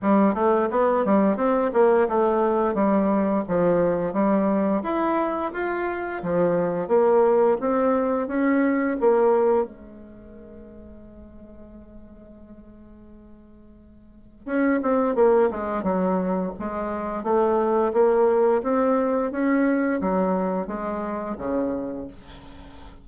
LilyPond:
\new Staff \with { instrumentName = "bassoon" } { \time 4/4 \tempo 4 = 87 g8 a8 b8 g8 c'8 ais8 a4 | g4 f4 g4 e'4 | f'4 f4 ais4 c'4 | cis'4 ais4 gis2~ |
gis1~ | gis4 cis'8 c'8 ais8 gis8 fis4 | gis4 a4 ais4 c'4 | cis'4 fis4 gis4 cis4 | }